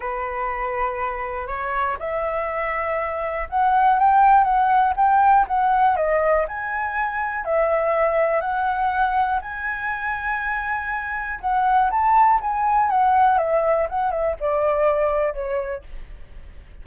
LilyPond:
\new Staff \with { instrumentName = "flute" } { \time 4/4 \tempo 4 = 121 b'2. cis''4 | e''2. fis''4 | g''4 fis''4 g''4 fis''4 | dis''4 gis''2 e''4~ |
e''4 fis''2 gis''4~ | gis''2. fis''4 | a''4 gis''4 fis''4 e''4 | fis''8 e''8 d''2 cis''4 | }